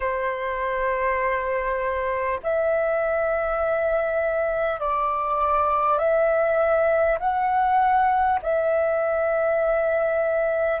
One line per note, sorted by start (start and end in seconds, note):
0.00 2.39 C5
2.43 4.79 E5
4.79 5.98 D5
5.98 7.18 E5
7.19 8.39 F#5
8.42 10.80 E5